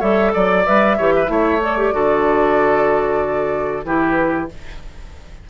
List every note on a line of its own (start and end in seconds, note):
0.00 0.34 G3
0.00 0.65 A4
0.00 0.32 C#5
0.00 0.33 E5
0.34 0.67 F#3
0.34 0.98 D5
0.34 0.66 D5
0.66 0.99 G3
0.66 0.98 B4
0.66 1.62 E5
0.98 1.29 E3
0.98 1.26 G4
0.98 1.14 C#5
1.15 1.31 B4
1.26 1.93 A3
1.26 1.58 E4
1.26 1.95 C#5
1.63 1.78 A4
1.63 3.85 D5
1.78 1.93 G4
1.93 3.85 D3
1.93 3.85 F#4
1.93 3.86 A4
3.85 4.49 E3
3.85 4.49 E4
3.85 4.50 G4
3.85 4.49 B4